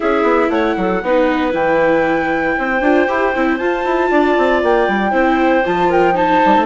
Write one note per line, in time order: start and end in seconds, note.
0.00 0.22 C#4
0.00 1.02 E4
0.00 0.50 G#4
0.00 0.50 E5
0.22 0.48 B3
0.49 0.75 A3
0.49 0.77 C#5
0.49 1.52 F#5
0.76 1.02 F#3
0.76 1.04 A4
1.02 1.53 B3
1.02 1.51 D#4
1.02 2.57 B4
1.51 2.56 E3
1.51 2.79 E4
1.51 3.57 G5
2.57 2.80 C4
2.57 4.11 C5
2.80 3.06 D4
2.80 3.07 F4
3.07 3.34 E4
3.07 3.33 G4
3.35 3.59 C4
3.35 3.59 E4
3.57 5.11 F4
3.57 3.84 F4
3.57 4.60 A5
3.84 4.10 E4
4.11 4.36 D4
4.11 5.11 D5
4.37 4.62 C4
4.62 4.88 A#3
4.62 5.65 G5
4.88 5.12 G3
5.11 5.63 C4
5.11 5.62 E4
5.11 5.88 C5
5.65 6.43 F3
5.65 6.14 F4
5.65 5.91 A5
5.89 6.15 A#4
5.89 6.15 G5
6.14 6.65 D#4
6.14 6.65 C5
6.14 6.65 A5
6.45 6.56 G3
6.56 6.65 A3